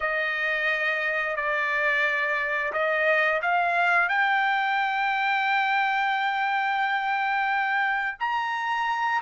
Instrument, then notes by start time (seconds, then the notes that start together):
trumpet
0.00 D#5
1.36 D5
2.72 D#5
3.42 F5
4.08 G5
8.19 A#5